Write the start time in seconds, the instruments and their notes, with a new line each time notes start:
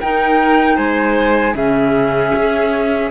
0.00 clarinet D#4, cello D#4, violin A#4, flute G5
0.76 cello G#3, violin C5, flute G#5
1.55 cello C#3, clarinet C#4, violin G#4, flute E5
2.35 cello C#4